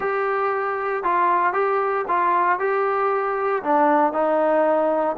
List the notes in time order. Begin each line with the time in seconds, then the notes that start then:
0.00 G4
1.03 F4
1.53 G4
2.07 F4
2.59 G4
3.63 D4
4.12 D#4